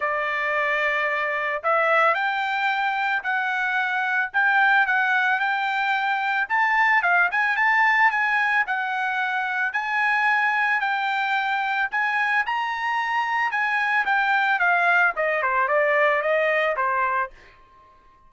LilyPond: \new Staff \with { instrumentName = "trumpet" } { \time 4/4 \tempo 4 = 111 d''2. e''4 | g''2 fis''2 | g''4 fis''4 g''2 | a''4 f''8 gis''8 a''4 gis''4 |
fis''2 gis''2 | g''2 gis''4 ais''4~ | ais''4 gis''4 g''4 f''4 | dis''8 c''8 d''4 dis''4 c''4 | }